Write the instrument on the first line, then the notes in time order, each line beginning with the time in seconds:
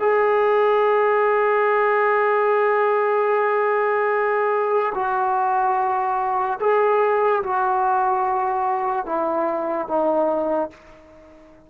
trombone
0.00 G#4
4.95 F#4
6.61 G#4
7.43 F#4
9.06 E4
9.88 D#4